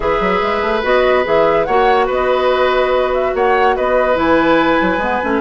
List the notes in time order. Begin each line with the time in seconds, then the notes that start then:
0.00 E3 G#4 B4 E5
0.20 F#3
0.42 G#3
0.61 A3
0.82 B3 F#4 D#5
1.24 E3 G#4 E5
1.64 A#3 F#4 C#5 F#5
2.06 B3 B4 D#5
3.13 E5
3.34 A#3 C#5 F#5
3.76 B3 B4 D#5
4.15 E3 E4 G#5
4.81 F#3
4.97 G#3 B3
5.22 A3 C#4